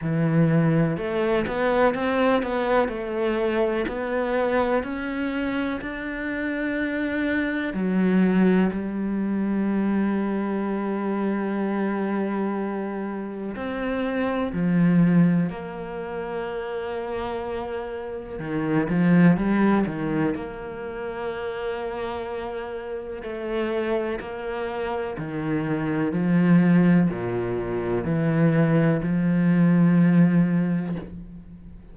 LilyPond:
\new Staff \with { instrumentName = "cello" } { \time 4/4 \tempo 4 = 62 e4 a8 b8 c'8 b8 a4 | b4 cis'4 d'2 | fis4 g2.~ | g2 c'4 f4 |
ais2. dis8 f8 | g8 dis8 ais2. | a4 ais4 dis4 f4 | ais,4 e4 f2 | }